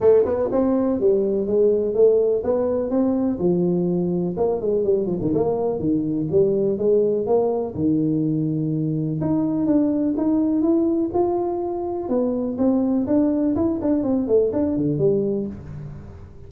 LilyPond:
\new Staff \with { instrumentName = "tuba" } { \time 4/4 \tempo 4 = 124 a8 b8 c'4 g4 gis4 | a4 b4 c'4 f4~ | f4 ais8 gis8 g8 f16 dis16 ais4 | dis4 g4 gis4 ais4 |
dis2. dis'4 | d'4 dis'4 e'4 f'4~ | f'4 b4 c'4 d'4 | e'8 d'8 c'8 a8 d'8 d8 g4 | }